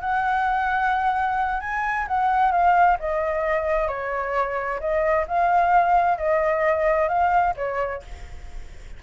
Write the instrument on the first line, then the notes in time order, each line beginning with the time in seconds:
flute
0.00 F#5
1.60 G#5
2.08 F#5
2.51 F5
2.99 D#5
3.88 C#5
4.80 D#5
5.27 F5
6.18 D#5
7.08 F5
7.56 C#5